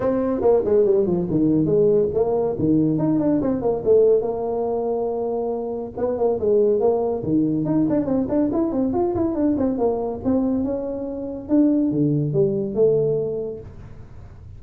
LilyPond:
\new Staff \with { instrumentName = "tuba" } { \time 4/4 \tempo 4 = 141 c'4 ais8 gis8 g8 f8 dis4 | gis4 ais4 dis4 dis'8 d'8 | c'8 ais8 a4 ais2~ | ais2 b8 ais8 gis4 |
ais4 dis4 dis'8 d'8 c'8 d'8 | e'8 c'8 f'8 e'8 d'8 c'8 ais4 | c'4 cis'2 d'4 | d4 g4 a2 | }